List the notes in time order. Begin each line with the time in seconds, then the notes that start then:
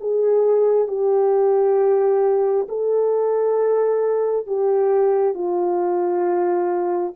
0.00 G#4
0.88 G4
2.68 A4
4.46 G4
5.34 F4